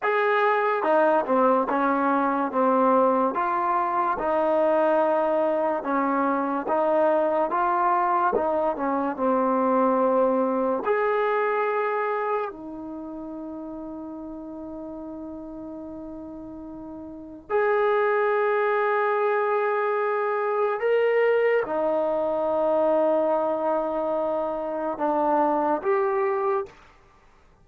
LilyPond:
\new Staff \with { instrumentName = "trombone" } { \time 4/4 \tempo 4 = 72 gis'4 dis'8 c'8 cis'4 c'4 | f'4 dis'2 cis'4 | dis'4 f'4 dis'8 cis'8 c'4~ | c'4 gis'2 dis'4~ |
dis'1~ | dis'4 gis'2.~ | gis'4 ais'4 dis'2~ | dis'2 d'4 g'4 | }